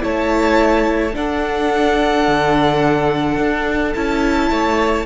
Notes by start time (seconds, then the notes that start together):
0.00 A3 E4 C#5 A5
1.12 D4 A4 F#5
2.27 D3
3.37 D4
3.93 C#4 E4 A5
4.50 A3 C#5